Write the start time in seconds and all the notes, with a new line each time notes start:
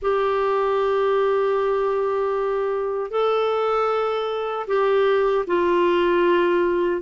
0.02 G4
3.10 A4
4.67 G4
5.46 F4